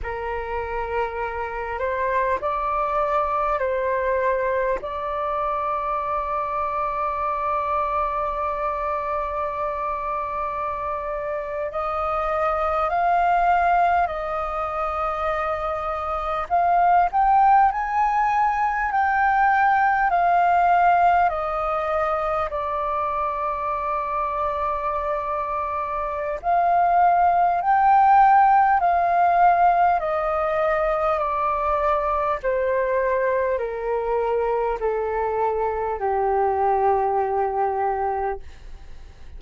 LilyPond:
\new Staff \with { instrumentName = "flute" } { \time 4/4 \tempo 4 = 50 ais'4. c''8 d''4 c''4 | d''1~ | d''4.~ d''16 dis''4 f''4 dis''16~ | dis''4.~ dis''16 f''8 g''8 gis''4 g''16~ |
g''8. f''4 dis''4 d''4~ d''16~ | d''2 f''4 g''4 | f''4 dis''4 d''4 c''4 | ais'4 a'4 g'2 | }